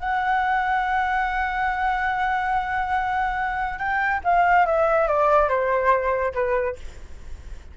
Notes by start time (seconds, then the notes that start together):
0.00 F#5
3.79 G5
4.25 F5
4.67 E5
5.08 D5
5.49 C5
6.34 B4